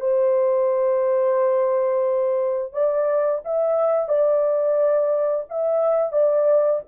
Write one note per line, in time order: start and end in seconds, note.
0.00 2.73 C5
2.73 3.41 D5
3.44 4.08 E5
4.08 5.45 D5
5.49 6.12 E5
6.12 6.80 D5